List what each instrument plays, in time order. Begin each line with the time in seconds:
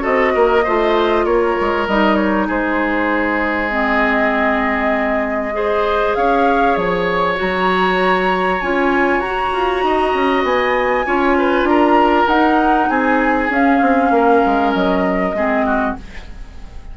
0.00 clarinet F#4, oboe A4, flute D#5
0.06 bassoon C4
0.35 bassoon A#3, oboe A#4
0.64 bassoon A3, clarinet F4, oboe C5
1.25 bassoon A#3, oboe A#4, flute C#5
1.60 bassoon G#3
1.87 bassoon G3, clarinet D#4, flute D#5
2.16 flute C#5
2.47 bassoon G#3, oboe G#4, flute C5
3.69 clarinet C4, flute D#5
5.52 clarinet G#4, oboe C5
6.15 bassoon C#4, oboe C#5, flute F5
6.76 bassoon F3, flute C#5
7.35 bassoon F#3, clarinet F#4, flute A#5
8.61 bassoon C#4, clarinet F4, flute G#5
9.19 bassoon F#4, clarinet F#4, flute A#5
9.53 bassoon F4
9.83 bassoon D#4, oboe D#5
10.14 bassoon C#4
10.43 bassoon B3, flute G#5
11.06 bassoon C#4, clarinet F4, oboe C#5
11.38 oboe B4
11.63 bassoon D4, flute A#5
11.70 oboe A#4
12.27 bassoon D#4, clarinet D#4, flute F#5
12.89 bassoon C4, oboe G#4, flute G#5
13.50 bassoon C#4, clarinet C#4, flute F5
13.81 bassoon C4
14.11 bassoon A#3, oboe A#4
14.46 bassoon G#3
14.73 bassoon F#3, flute D#5
15.33 bassoon G#3, clarinet C4, oboe G#4
15.66 oboe F#4